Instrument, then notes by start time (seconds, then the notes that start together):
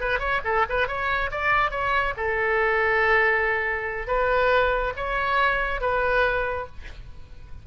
oboe
0.00 B4
0.19 C#5
0.44 A4
0.69 B4
0.87 C#5
1.31 D5
1.70 C#5
2.17 A4
4.07 B4
4.96 C#5
5.80 B4